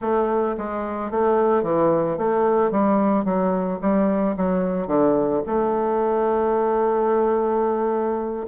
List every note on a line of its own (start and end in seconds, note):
0.01 0.56 A3
0.57 1.10 G#3
1.10 1.62 A3
1.62 2.17 E3
2.17 2.71 A3
2.71 3.24 G3
3.24 3.79 F#3
3.81 4.35 G3
4.36 4.87 F#3
4.87 5.41 D3
5.46 8.46 A3